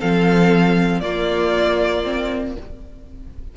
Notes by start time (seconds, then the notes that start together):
0.00 F3 C4 A4 F5
1.01 A#3 F4 D5
2.04 C4